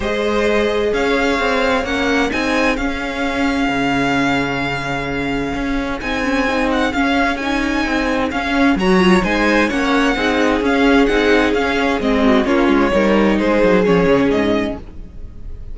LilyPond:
<<
  \new Staff \with { instrumentName = "violin" } { \time 4/4 \tempo 4 = 130 dis''2 f''2 | fis''4 gis''4 f''2~ | f''1~ | f''4 gis''4. fis''8 f''4 |
gis''2 f''4 ais''4 | gis''4 fis''2 f''4 | fis''4 f''4 dis''4 cis''4~ | cis''4 c''4 cis''4 dis''4 | }
  \new Staff \with { instrumentName = "violin" } { \time 4/4 c''2 cis''2~ | cis''4 gis'2.~ | gis'1~ | gis'1~ |
gis'2. cis''4 | c''4 cis''4 gis'2~ | gis'2~ gis'8 fis'8 f'4 | ais'4 gis'2. | }
  \new Staff \with { instrumentName = "viola" } { \time 4/4 gis'1 | cis'4 dis'4 cis'2~ | cis'1~ | cis'4 dis'8 cis'8 dis'4 cis'4 |
dis'2 cis'4 fis'8 f'8 | dis'4 cis'4 dis'4 cis'4 | dis'4 cis'4 c'4 cis'4 | dis'2 cis'2 | }
  \new Staff \with { instrumentName = "cello" } { \time 4/4 gis2 cis'4 c'4 | ais4 c'4 cis'2 | cis1 | cis'4 c'2 cis'4~ |
cis'4 c'4 cis'4 fis4 | gis4 ais4 c'4 cis'4 | c'4 cis'4 gis4 ais8 gis8 | g4 gis8 fis8 f8 cis8 gis,4 | }
>>